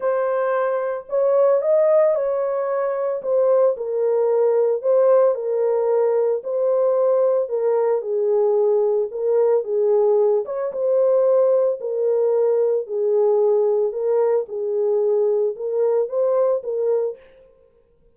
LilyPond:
\new Staff \with { instrumentName = "horn" } { \time 4/4 \tempo 4 = 112 c''2 cis''4 dis''4 | cis''2 c''4 ais'4~ | ais'4 c''4 ais'2 | c''2 ais'4 gis'4~ |
gis'4 ais'4 gis'4. cis''8 | c''2 ais'2 | gis'2 ais'4 gis'4~ | gis'4 ais'4 c''4 ais'4 | }